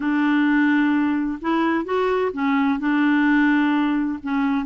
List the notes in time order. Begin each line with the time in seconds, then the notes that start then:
0.00 D4
1.41 E4
1.85 F#4
2.32 C#4
2.79 D4
4.22 C#4